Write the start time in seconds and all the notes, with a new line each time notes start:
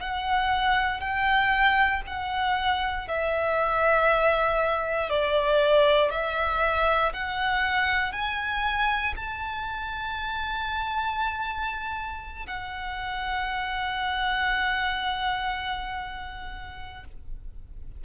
0.00 F#5
1.00 G5
2.07 F#5
3.08 E5
5.10 D5
6.11 E5
7.13 F#5
8.12 G#5
9.16 A5
12.47 F#5